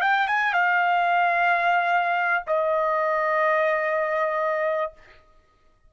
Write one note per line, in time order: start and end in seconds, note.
0.00 0.27 G5
0.27 0.53 G#5
0.53 2.43 F5
2.46 4.92 D#5